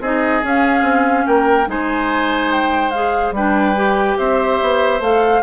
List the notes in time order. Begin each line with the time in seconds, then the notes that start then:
0.00 C4 D#4 G#4 D#5
0.43 C#4 F5
0.82 C4
1.26 A#3 A#4 G5
1.66 G#3 D#4 C5 G#5
2.52 G5
2.90 G#4 F5
3.31 G3 D4 B4 G5
3.76 G4
4.18 C4 C5 E5
4.61 B3
5.00 A3 A4 F5